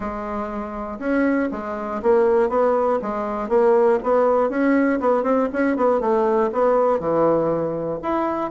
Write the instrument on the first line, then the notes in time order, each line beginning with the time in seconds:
bassoon
0.00 G#3
0.99 C#4
1.51 G#3
2.02 A#3
2.49 B3
3.02 G#3
3.48 A#3
4.02 B3
4.49 C#4
5.00 B3
5.23 C4
5.52 C#4
5.76 B3
6.00 A3
6.52 B3
6.99 E3
8.02 E4